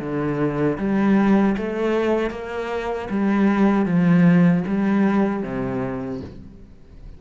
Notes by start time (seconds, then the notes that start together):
0.00 D3
0.78 G3
1.57 A3
2.31 A#3
3.10 G3
3.86 F3
4.67 G3
5.43 C3